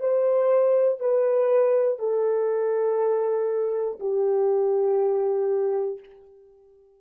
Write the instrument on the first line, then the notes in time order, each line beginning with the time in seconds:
horn
0.00 C5
1.00 B4
1.99 A4
4.00 G4